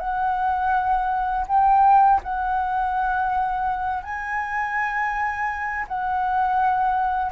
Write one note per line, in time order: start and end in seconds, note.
0.00 1.46 F#5
1.48 2.21 G5
2.23 4.03 F#5
4.03 5.86 G#5
5.88 7.32 F#5